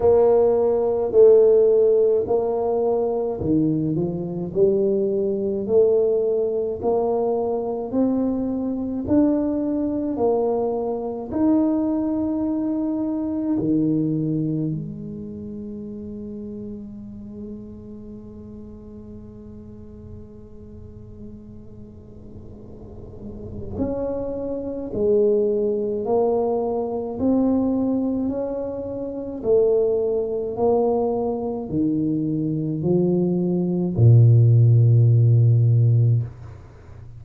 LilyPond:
\new Staff \with { instrumentName = "tuba" } { \time 4/4 \tempo 4 = 53 ais4 a4 ais4 dis8 f8 | g4 a4 ais4 c'4 | d'4 ais4 dis'2 | dis4 gis2.~ |
gis1~ | gis4 cis'4 gis4 ais4 | c'4 cis'4 a4 ais4 | dis4 f4 ais,2 | }